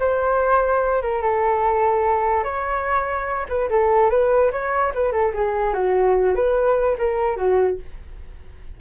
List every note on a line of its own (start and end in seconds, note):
0.00 1.03 C5
1.03 1.22 A#4
1.22 2.44 A4
2.44 3.47 C#5
3.49 3.70 B4
3.70 4.10 A4
4.10 4.51 B4
4.52 4.93 C#5
4.95 5.13 B4
5.13 5.33 A4
5.35 5.74 G#4
5.74 6.36 F#4
6.36 6.97 B4
6.98 7.37 A#4
7.37 7.78 F#4